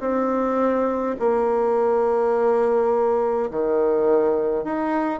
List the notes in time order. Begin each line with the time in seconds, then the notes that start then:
0.00 C4
1.19 A#3
3.50 D#3
4.64 D#4